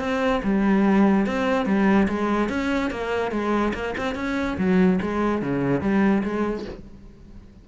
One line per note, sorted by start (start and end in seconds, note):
0.00 0.42 C4
0.44 1.27 G3
1.27 1.66 C4
1.66 2.08 G3
2.09 2.49 G#3
2.49 2.91 C#4
2.91 3.32 A#3
3.32 3.73 G#3
3.74 3.95 A#3
3.98 4.16 C4
4.16 4.57 C#4
4.58 5.00 F#3
5.02 5.42 G#3
5.42 5.82 C#3
5.82 6.23 G3
6.24 6.65 G#3